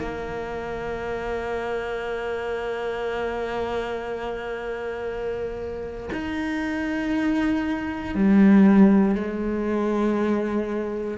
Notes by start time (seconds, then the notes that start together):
0.00 A#3
6.13 D#4
8.15 G3
9.16 G#3